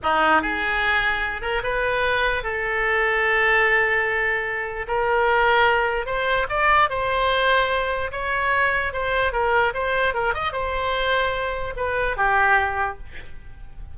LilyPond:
\new Staff \with { instrumentName = "oboe" } { \time 4/4 \tempo 4 = 148 dis'4 gis'2~ gis'8 ais'8 | b'2 a'2~ | a'1 | ais'2. c''4 |
d''4 c''2. | cis''2 c''4 ais'4 | c''4 ais'8 dis''8 c''2~ | c''4 b'4 g'2 | }